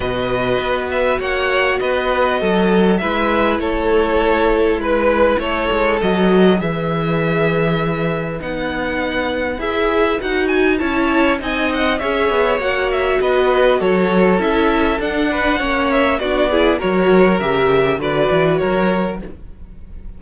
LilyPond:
<<
  \new Staff \with { instrumentName = "violin" } { \time 4/4 \tempo 4 = 100 dis''4. e''8 fis''4 dis''4~ | dis''4 e''4 cis''2 | b'4 cis''4 dis''4 e''4~ | e''2 fis''2 |
e''4 fis''8 gis''8 a''4 gis''8 fis''8 | e''4 fis''8 e''8 dis''4 cis''4 | e''4 fis''4. e''8 d''4 | cis''4 e''4 d''4 cis''4 | }
  \new Staff \with { instrumentName = "violin" } { \time 4/4 b'2 cis''4 b'4 | a'4 b'4 a'2 | b'4 a'2 b'4~ | b'1~ |
b'2 cis''4 dis''4 | cis''2 b'4 a'4~ | a'4. b'8 cis''4 fis'8 gis'8 | ais'2 b'4 ais'4 | }
  \new Staff \with { instrumentName = "viola" } { \time 4/4 fis'1~ | fis'4 e'2.~ | e'2 fis'4 gis'4~ | gis'2 dis'2 |
gis'4 fis'4 e'4 dis'4 | gis'4 fis'2. | e'4 d'4 cis'4 d'8 e'8 | fis'4 g'4 fis'2 | }
  \new Staff \with { instrumentName = "cello" } { \time 4/4 b,4 b4 ais4 b4 | fis4 gis4 a2 | gis4 a8 gis8 fis4 e4~ | e2 b2 |
e'4 dis'4 cis'4 c'4 | cis'8 b8 ais4 b4 fis4 | cis'4 d'4 ais4 b4 | fis4 cis4 d8 e8 fis4 | }
>>